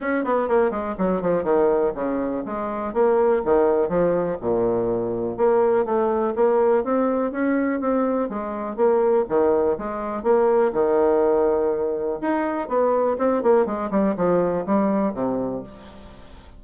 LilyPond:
\new Staff \with { instrumentName = "bassoon" } { \time 4/4 \tempo 4 = 123 cis'8 b8 ais8 gis8 fis8 f8 dis4 | cis4 gis4 ais4 dis4 | f4 ais,2 ais4 | a4 ais4 c'4 cis'4 |
c'4 gis4 ais4 dis4 | gis4 ais4 dis2~ | dis4 dis'4 b4 c'8 ais8 | gis8 g8 f4 g4 c4 | }